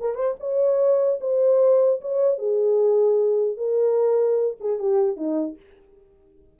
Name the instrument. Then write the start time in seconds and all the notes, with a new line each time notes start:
horn
0.00 A#4
0.15 C5
0.39 C#5
1.20 C5
2.01 C#5
2.38 G#4
3.57 A#4
4.60 G#4
4.79 G4
5.16 D#4